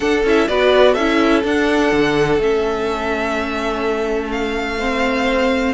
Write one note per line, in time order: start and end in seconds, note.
0.00 0.22 D4
0.00 0.24 D4
0.00 0.47 A4
0.00 0.23 F#5
0.24 0.48 C#4
0.24 0.49 E4
0.24 0.48 E5
0.48 0.96 B3
0.48 0.97 F#4
0.48 0.92 B4
0.48 0.94 D5
0.92 1.43 C#4
0.92 4.76 A4
0.92 1.42 E5
0.98 1.44 E4
1.43 1.91 D4
1.43 2.40 D4
1.43 2.42 F#5
1.92 2.38 D3
2.38 5.74 A3
2.38 4.79 C#4
2.38 4.31 E5
4.31 5.74 F5
4.78 5.74 C4
4.78 5.74 C5